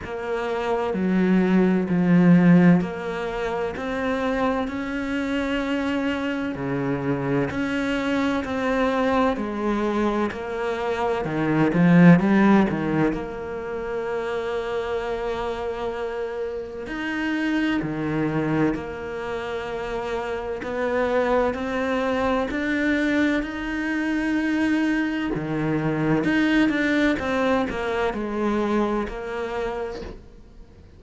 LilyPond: \new Staff \with { instrumentName = "cello" } { \time 4/4 \tempo 4 = 64 ais4 fis4 f4 ais4 | c'4 cis'2 cis4 | cis'4 c'4 gis4 ais4 | dis8 f8 g8 dis8 ais2~ |
ais2 dis'4 dis4 | ais2 b4 c'4 | d'4 dis'2 dis4 | dis'8 d'8 c'8 ais8 gis4 ais4 | }